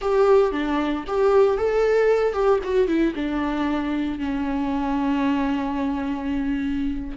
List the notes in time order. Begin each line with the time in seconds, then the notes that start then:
0.01 G4
0.52 D4
1.07 G4
1.57 A4
2.33 G4
2.63 F#4
2.87 E4
3.15 D4
4.18 C#4